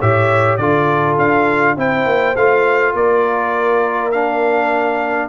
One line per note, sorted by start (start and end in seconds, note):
0.00 0.59 A2
0.00 0.61 G4
0.00 0.59 C#5
0.00 0.58 E5
0.58 1.18 D3
0.58 1.77 F4
0.58 1.77 A4
0.58 1.16 D5
1.18 1.77 D4
1.18 1.78 F5
1.77 2.06 C4
1.77 2.36 E4
1.77 2.95 C5
1.77 2.37 G5
2.06 2.36 A#3
2.36 2.94 A3
2.36 4.14 F4
2.36 2.96 F5
2.94 5.29 A#3
2.94 5.29 A#4
2.94 4.12 D5
4.12 5.29 D4
4.12 5.29 F5